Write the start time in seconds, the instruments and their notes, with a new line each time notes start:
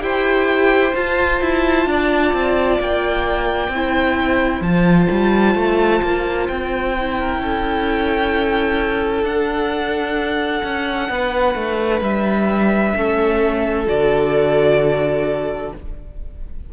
0.00 cello E4, viola G4, violin C5 G5
0.95 cello F4, viola F4, violin A5
1.41 cello E4
1.86 cello D4, violin D5
2.33 cello C4
2.80 cello A#3, violin G5
3.69 cello C4, viola E4
3.75 violin C5
4.61 cello F3, violin A5
4.67 viola F4
5.11 cello G3
5.55 cello A3
6.02 cello A#3
6.48 cello C4, violin G5
6.99 viola E4
7.20 violin A#4
7.39 cello C#4, violin A4
9.23 cello D4, viola D4, violin F#5
10.63 cello C#4
11.09 cello B3, violin B4
11.55 cello A3
12.01 cello G3, violin E5
12.96 cello A3, viola C#4, violin A4
13.86 cello D3, viola F#4, violin D5